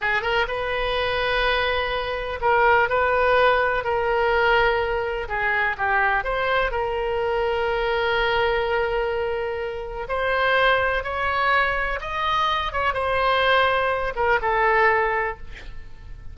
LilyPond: \new Staff \with { instrumentName = "oboe" } { \time 4/4 \tempo 4 = 125 gis'8 ais'8 b'2.~ | b'4 ais'4 b'2 | ais'2. gis'4 | g'4 c''4 ais'2~ |
ais'1~ | ais'4 c''2 cis''4~ | cis''4 dis''4. cis''8 c''4~ | c''4. ais'8 a'2 | }